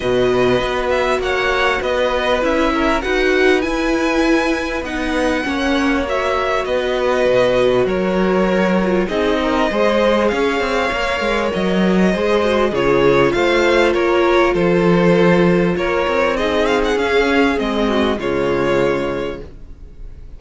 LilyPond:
<<
  \new Staff \with { instrumentName = "violin" } { \time 4/4 \tempo 4 = 99 dis''4. e''8 fis''4 dis''4 | e''4 fis''4 gis''2 | fis''2 e''4 dis''4~ | dis''4 cis''2 dis''4~ |
dis''4 f''2 dis''4~ | dis''4 cis''4 f''4 cis''4 | c''2 cis''4 dis''8 f''16 fis''16 | f''4 dis''4 cis''2 | }
  \new Staff \with { instrumentName = "violin" } { \time 4/4 b'2 cis''4 b'4~ | b'8 ais'8 b'2.~ | b'4 cis''2 b'4~ | b'4 ais'2 gis'8 ais'8 |
c''4 cis''2. | c''4 gis'4 c''4 ais'4 | a'2 ais'4 gis'4~ | gis'4. fis'8 f'2 | }
  \new Staff \with { instrumentName = "viola" } { \time 4/4 fis'1 | e'4 fis'4 e'2 | dis'4 cis'4 fis'2~ | fis'2~ fis'8 f'8 dis'4 |
gis'2 ais'2 | gis'8 fis'8 f'2.~ | f'2. dis'4 | cis'4 c'4 gis2 | }
  \new Staff \with { instrumentName = "cello" } { \time 4/4 b,4 b4 ais4 b4 | cis'4 dis'4 e'2 | b4 ais2 b4 | b,4 fis2 c'4 |
gis4 cis'8 c'8 ais8 gis8 fis4 | gis4 cis4 a4 ais4 | f2 ais8 c'4. | cis'4 gis4 cis2 | }
>>